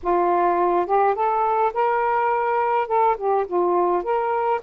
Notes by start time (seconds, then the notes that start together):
0.02 F4
0.86 G4
1.14 A4
1.73 A#4
2.87 A4
3.17 G4
3.46 F4
4.03 A#4